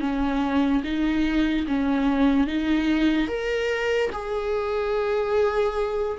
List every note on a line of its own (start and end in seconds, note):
0.00 0.82 C#4
0.84 1.66 D#4
1.67 2.47 C#4
2.47 3.28 D#4
3.28 4.10 A#4
4.12 6.18 G#4